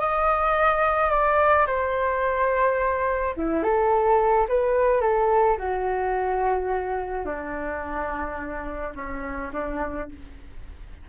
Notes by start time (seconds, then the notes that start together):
0.00 D#5
1.11 D5
1.67 C5
3.37 E4
3.63 A4
4.49 B4
5.01 A4
5.58 F#4
7.26 D4
8.95 C#4
9.53 D4